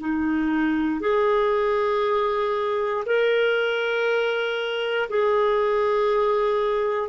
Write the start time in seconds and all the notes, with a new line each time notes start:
0.00 D#4
1.01 G#4
3.06 A#4
5.10 G#4